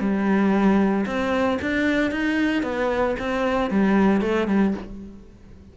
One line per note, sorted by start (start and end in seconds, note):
0.00 1.05 G3
1.06 1.59 C4
1.62 2.11 D4
2.11 2.63 D#4
2.63 3.16 B3
3.19 3.71 C4
3.71 4.21 G3
4.21 4.47 A3
4.48 4.74 G3